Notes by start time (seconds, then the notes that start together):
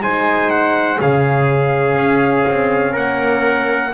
0.00 G#3 D#4 C5 G#5
0.50 F#5
0.97 C#3 C#4 G#4 F5
1.96 C#4
2.48 C4
2.92 A#3 A#4 F#5